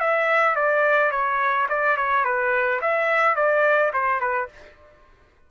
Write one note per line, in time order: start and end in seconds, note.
0.00 0.56 E5
0.56 1.11 D5
1.11 1.67 C#5
1.69 1.97 D5
1.97 2.24 C#5
2.24 2.80 B4
2.81 3.36 E5
3.36 3.92 D5
3.93 4.21 C5
4.21 4.49 B4